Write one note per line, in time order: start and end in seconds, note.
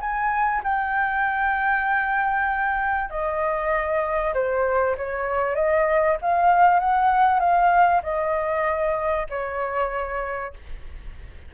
0.00 0.62 G#5
0.64 3.10 G5
3.10 4.34 D#5
4.34 4.96 C5
4.97 5.55 C#5
5.55 6.17 D#5
6.21 6.79 F5
6.79 7.39 F#5
7.39 8.01 F5
8.03 9.26 D#5
9.30 10.53 C#5